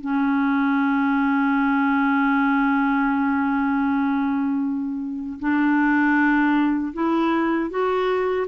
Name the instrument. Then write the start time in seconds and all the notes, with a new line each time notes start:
clarinet
0.00 C#4
5.39 D4
6.93 E4
7.70 F#4